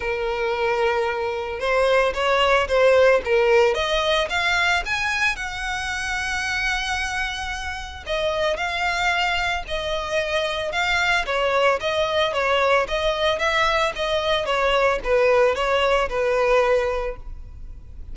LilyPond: \new Staff \with { instrumentName = "violin" } { \time 4/4 \tempo 4 = 112 ais'2. c''4 | cis''4 c''4 ais'4 dis''4 | f''4 gis''4 fis''2~ | fis''2. dis''4 |
f''2 dis''2 | f''4 cis''4 dis''4 cis''4 | dis''4 e''4 dis''4 cis''4 | b'4 cis''4 b'2 | }